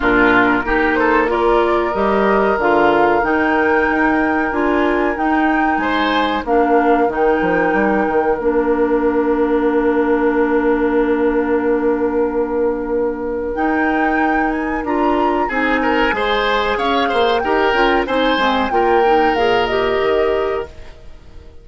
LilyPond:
<<
  \new Staff \with { instrumentName = "flute" } { \time 4/4 \tempo 4 = 93 ais'4. c''8 d''4 dis''4 | f''4 g''2 gis''4 | g''4 gis''4 f''4 g''4~ | g''4 f''2.~ |
f''1~ | f''4 g''4. gis''8 ais''4 | gis''2 f''4 g''4 | gis''4 g''4 f''8 dis''4. | }
  \new Staff \with { instrumentName = "oboe" } { \time 4/4 f'4 g'8 a'8 ais'2~ | ais'1~ | ais'4 c''4 ais'2~ | ais'1~ |
ais'1~ | ais'1 | gis'8 ais'8 c''4 cis''8 c''8 ais'4 | c''4 ais'2. | }
  \new Staff \with { instrumentName = "clarinet" } { \time 4/4 d'4 dis'4 f'4 g'4 | f'4 dis'2 f'4 | dis'2 d'4 dis'4~ | dis'4 d'2.~ |
d'1~ | d'4 dis'2 f'4 | dis'4 gis'2 g'8 f'8 | dis'8 c'8 f'8 dis'8 gis'8 g'4. | }
  \new Staff \with { instrumentName = "bassoon" } { \time 4/4 ais,4 ais2 g4 | d4 dis4 dis'4 d'4 | dis'4 gis4 ais4 dis8 f8 | g8 dis8 ais2.~ |
ais1~ | ais4 dis'2 d'4 | c'4 gis4 cis'8 ais8 dis'8 cis'8 | c'8 gis8 ais4 ais,4 dis4 | }
>>